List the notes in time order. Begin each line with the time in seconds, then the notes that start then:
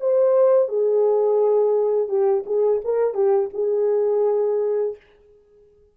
0.00 C5
0.69 G#4
2.08 G4
2.46 G#4
2.84 A#4
3.14 G4
3.54 G#4